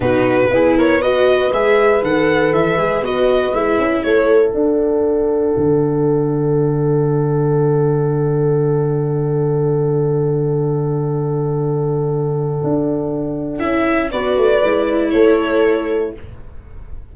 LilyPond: <<
  \new Staff \with { instrumentName = "violin" } { \time 4/4 \tempo 4 = 119 b'4. cis''8 dis''4 e''4 | fis''4 e''4 dis''4 e''4 | cis''4 fis''2.~ | fis''1~ |
fis''1~ | fis''1~ | fis''2. e''4 | d''2 cis''2 | }
  \new Staff \with { instrumentName = "horn" } { \time 4/4 fis'4 gis'8 ais'8 b'2~ | b'1 | a'1~ | a'1~ |
a'1~ | a'1~ | a'1 | b'2 a'2 | }
  \new Staff \with { instrumentName = "viola" } { \time 4/4 dis'4 e'4 fis'4 gis'4 | a'4. gis'8 fis'4 e'4~ | e'4 d'2.~ | d'1~ |
d'1~ | d'1~ | d'2. e'4 | fis'4 e'2. | }
  \new Staff \with { instrumentName = "tuba" } { \time 4/4 b,4 b2 gis4 | dis4 e8 gis8 b4 gis8 cis'8 | a4 d'2 d4~ | d1~ |
d1~ | d1~ | d4 d'2 cis'4 | b8 a8 gis4 a2 | }
>>